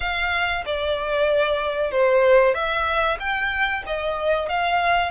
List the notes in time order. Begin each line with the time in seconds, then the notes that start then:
0.00 F5
0.65 D5
1.91 C5
2.54 E5
3.19 G5
3.86 D#5
4.49 F5